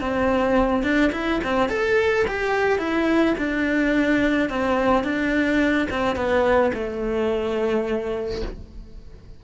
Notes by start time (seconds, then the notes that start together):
0.00 C4
0.83 D4
1.12 E4
1.43 C4
1.69 A4
2.27 G4
2.78 E4
3.37 D4
4.49 C4
5.03 D4
5.90 C4
6.16 B3
6.73 A3